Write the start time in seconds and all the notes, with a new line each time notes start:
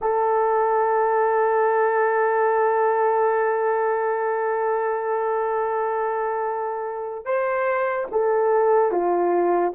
0.01 A4
7.25 C5
8.11 A4
8.92 F4